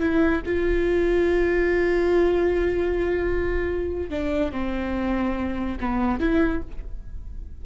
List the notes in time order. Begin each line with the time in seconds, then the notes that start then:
0.00 E4
0.46 F4
4.10 D4
4.52 C4
5.80 B3
6.20 E4